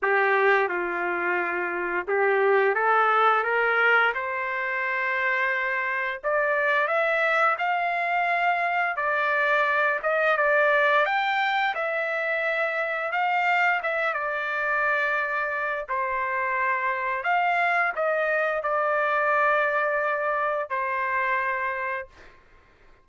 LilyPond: \new Staff \with { instrumentName = "trumpet" } { \time 4/4 \tempo 4 = 87 g'4 f'2 g'4 | a'4 ais'4 c''2~ | c''4 d''4 e''4 f''4~ | f''4 d''4. dis''8 d''4 |
g''4 e''2 f''4 | e''8 d''2~ d''8 c''4~ | c''4 f''4 dis''4 d''4~ | d''2 c''2 | }